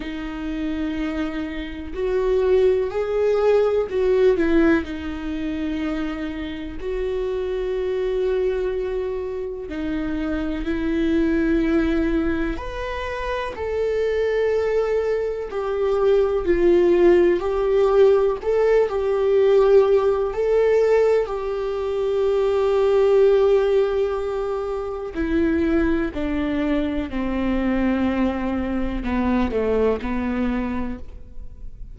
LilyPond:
\new Staff \with { instrumentName = "viola" } { \time 4/4 \tempo 4 = 62 dis'2 fis'4 gis'4 | fis'8 e'8 dis'2 fis'4~ | fis'2 dis'4 e'4~ | e'4 b'4 a'2 |
g'4 f'4 g'4 a'8 g'8~ | g'4 a'4 g'2~ | g'2 e'4 d'4 | c'2 b8 a8 b4 | }